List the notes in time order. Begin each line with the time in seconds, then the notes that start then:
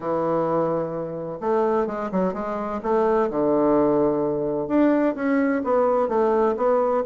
0.00 E3
1.40 A3
1.86 G#3
2.11 F#3
2.33 G#3
2.82 A3
3.29 D3
4.67 D4
5.15 C#4
5.64 B3
6.08 A3
6.56 B3